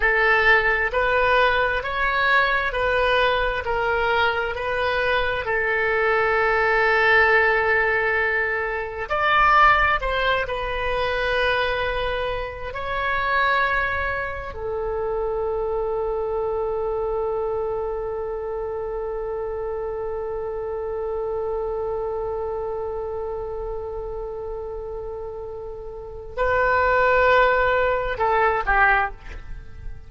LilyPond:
\new Staff \with { instrumentName = "oboe" } { \time 4/4 \tempo 4 = 66 a'4 b'4 cis''4 b'4 | ais'4 b'4 a'2~ | a'2 d''4 c''8 b'8~ | b'2 cis''2 |
a'1~ | a'1~ | a'1~ | a'4 b'2 a'8 g'8 | }